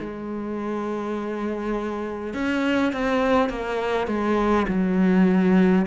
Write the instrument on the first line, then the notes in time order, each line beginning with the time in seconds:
cello
0.00 G#3
2.34 C#4
2.93 C4
3.50 A#3
4.08 G#3
4.68 F#3